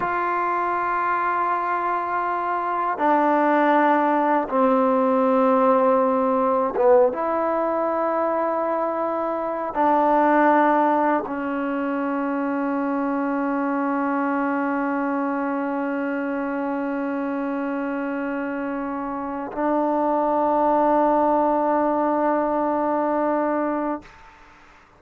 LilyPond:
\new Staff \with { instrumentName = "trombone" } { \time 4/4 \tempo 4 = 80 f'1 | d'2 c'2~ | c'4 b8 e'2~ e'8~ | e'4 d'2 cis'4~ |
cis'1~ | cis'1~ | cis'2 d'2~ | d'1 | }